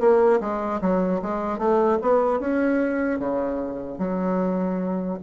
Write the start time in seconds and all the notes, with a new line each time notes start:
0.00 A#3
0.40 G#3
0.81 F#3
1.22 G#3
1.59 A3
2.02 B3
2.39 C#4
3.19 C#3
3.99 F#3